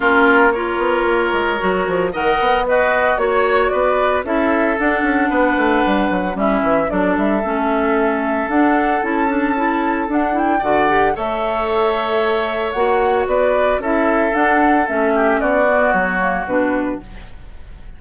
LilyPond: <<
  \new Staff \with { instrumentName = "flute" } { \time 4/4 \tempo 4 = 113 ais'4 cis''2. | fis''4 dis''4 cis''4 d''4 | e''4 fis''2. | e''4 d''8 e''2~ e''8 |
fis''4 a''2 fis''8 g''8 | fis''4 e''2. | fis''4 d''4 e''4 fis''4 | e''4 d''4 cis''4 b'4 | }
  \new Staff \with { instrumentName = "oboe" } { \time 4/4 f'4 ais'2. | dis''4 fis'4 cis''4 b'4 | a'2 b'2 | e'4 a'2.~ |
a'1 | d''4 cis''2.~ | cis''4 b'4 a'2~ | a'8 g'8 fis'2. | }
  \new Staff \with { instrumentName = "clarinet" } { \time 4/4 cis'4 f'2 fis'4 | ais'4 b'4 fis'2 | e'4 d'2. | cis'4 d'4 cis'2 |
d'4 e'8 d'8 e'4 d'8 e'8 | fis'8 g'8 a'2. | fis'2 e'4 d'4 | cis'4. b4 ais8 d'4 | }
  \new Staff \with { instrumentName = "bassoon" } { \time 4/4 ais4. b8 ais8 gis8 fis8 f8 | dis8 b4. ais4 b4 | cis'4 d'8 cis'8 b8 a8 g8 fis8 | g8 e8 fis8 g8 a2 |
d'4 cis'2 d'4 | d4 a2. | ais4 b4 cis'4 d'4 | a4 b4 fis4 b,4 | }
>>